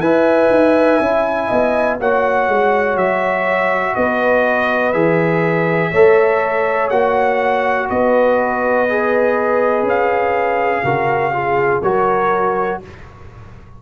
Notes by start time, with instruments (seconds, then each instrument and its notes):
0.00 tuba E4, trombone B4, horn E5, trumpet G#5
0.50 tuba D#4
1.00 tuba C#4, trombone E4
1.48 tuba B3, horn D#5
2.00 tuba A#3, trombone F#4, horn C#5, trumpet F#5
2.48 tuba G#3
2.96 tuba F#3, trumpet E5
3.95 tuba B3, horn B4, trumpet D#5
4.93 tuba E3, trombone G#4, trumpet E5
5.91 tuba A3, trombone A4, horn C#5
6.90 tuba A#3, trombone F#4, trumpet F#5
7.90 tuba B3, horn B4, trumpet D#5
8.89 trombone G#4
9.83 tuba C#4, trumpet F5
10.84 tuba C#3, trombone F#4, horn A#4
11.33 trombone F4, horn G#4
11.83 tuba F#3, trombone F#4, horn A#4, trumpet C#5